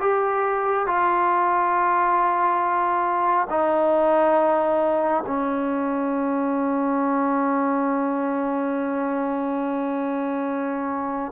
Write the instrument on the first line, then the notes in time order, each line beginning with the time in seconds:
trombone
0.00 G4
0.87 F4
3.50 D#4
5.26 C#4